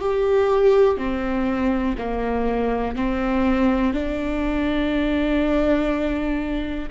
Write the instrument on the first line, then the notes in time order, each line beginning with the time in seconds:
viola
0.00 G4
0.98 C4
1.98 A#3
2.96 C4
3.94 D4